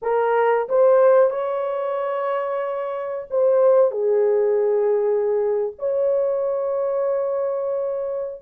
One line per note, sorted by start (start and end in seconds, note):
0.01 0.67 A#4
0.69 1.30 C5
1.30 3.28 C#5
3.30 3.91 C5
3.91 5.72 G#4
5.78 8.41 C#5